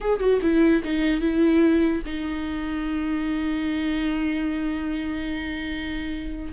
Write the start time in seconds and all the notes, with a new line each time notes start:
0.01 G#4
0.19 F#4
0.41 E4
0.84 D#4
1.20 E4
2.05 D#4